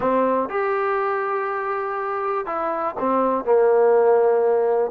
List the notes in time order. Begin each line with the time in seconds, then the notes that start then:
0.00 C4
0.49 G4
2.45 E4
2.99 C4
3.44 A#3